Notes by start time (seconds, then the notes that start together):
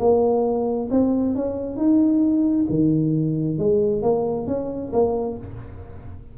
0.00 A#3
0.91 C4
1.36 C#4
1.77 D#4
2.69 D#3
3.58 G#3
4.03 A#3
4.47 C#4
4.93 A#3